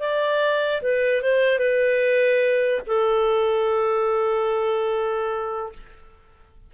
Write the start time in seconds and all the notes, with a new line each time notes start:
0.00 D5
0.82 B4
1.22 C5
1.59 B4
2.87 A4